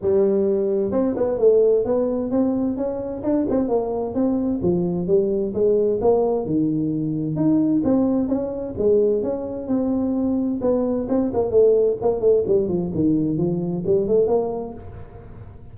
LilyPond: \new Staff \with { instrumentName = "tuba" } { \time 4/4 \tempo 4 = 130 g2 c'8 b8 a4 | b4 c'4 cis'4 d'8 c'8 | ais4 c'4 f4 g4 | gis4 ais4 dis2 |
dis'4 c'4 cis'4 gis4 | cis'4 c'2 b4 | c'8 ais8 a4 ais8 a8 g8 f8 | dis4 f4 g8 a8 ais4 | }